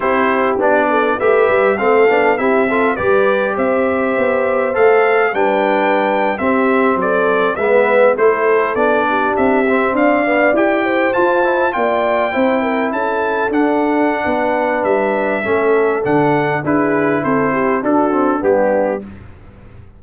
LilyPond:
<<
  \new Staff \with { instrumentName = "trumpet" } { \time 4/4 \tempo 4 = 101 c''4 d''4 e''4 f''4 | e''4 d''4 e''2 | f''4 g''4.~ g''16 e''4 d''16~ | d''8. e''4 c''4 d''4 e''16~ |
e''8. f''4 g''4 a''4 g''16~ | g''4.~ g''16 a''4 fis''4~ fis''16~ | fis''4 e''2 fis''4 | b'4 c''4 a'4 g'4 | }
  \new Staff \with { instrumentName = "horn" } { \time 4/4 g'4. a'8 b'4 a'4 | g'8 a'8 b'4 c''2~ | c''4 b'4.~ b'16 g'4 a'16~ | a'8. b'4 a'4. g'8.~ |
g'8. d''4. c''4. d''16~ | d''8. c''8 ais'8 a'2~ a'16 | b'2 a'2 | gis'4 a'8 g'8 fis'4 d'4 | }
  \new Staff \with { instrumentName = "trombone" } { \time 4/4 e'4 d'4 g'4 c'8 d'8 | e'8 f'8 g'2. | a'4 d'4.~ d'16 c'4~ c'16~ | c'8. b4 e'4 d'4~ d'16~ |
d'16 c'4 b8 g'4 f'8 e'8 f'16~ | f'8. e'2 d'4~ d'16~ | d'2 cis'4 d'4 | e'2 d'8 c'8 b4 | }
  \new Staff \with { instrumentName = "tuba" } { \time 4/4 c'4 b4 a8 g8 a8 b8 | c'4 g4 c'4 b4 | a4 g4.~ g16 c'4 fis16~ | fis8. gis4 a4 b4 c'16~ |
c'8. d'4 e'4 f'4 ais16~ | ais8. c'4 cis'4 d'4~ d'16 | b4 g4 a4 d4 | d'4 c'4 d'4 g4 | }
>>